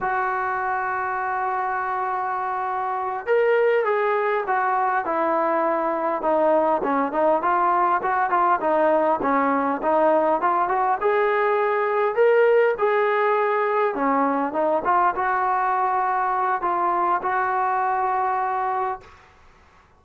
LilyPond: \new Staff \with { instrumentName = "trombone" } { \time 4/4 \tempo 4 = 101 fis'1~ | fis'4. ais'4 gis'4 fis'8~ | fis'8 e'2 dis'4 cis'8 | dis'8 f'4 fis'8 f'8 dis'4 cis'8~ |
cis'8 dis'4 f'8 fis'8 gis'4.~ | gis'8 ais'4 gis'2 cis'8~ | cis'8 dis'8 f'8 fis'2~ fis'8 | f'4 fis'2. | }